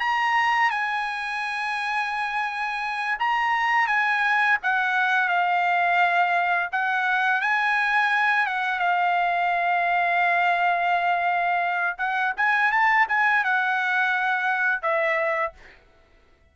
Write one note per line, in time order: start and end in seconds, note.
0.00 0.70 A#5
0.70 3.17 G#5
3.19 3.87 A#5
3.87 4.58 G#5
4.62 5.28 F#5
5.28 6.69 F5
6.72 7.41 F#5
7.41 8.46 G#5
8.46 8.79 F#5
8.79 11.96 F5
11.98 12.33 F#5
12.37 12.71 G#5
12.71 13.07 A5
13.08 13.43 G#5
13.44 14.82 F#5
14.82 15.52 E5